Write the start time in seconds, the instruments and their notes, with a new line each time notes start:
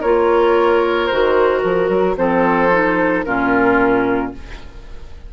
0.00 bassoon A#3, clarinet F4, oboe A#4, flute C#5
1.06 bassoon D#3, clarinet F#4, flute C5
1.62 bassoon F3, flute A#4
1.88 bassoon F#3
2.16 bassoon F3, clarinet C4, oboe A4, flute C5
2.71 clarinet D#4
3.24 bassoon A#2, clarinet C#4, oboe F4, flute A#4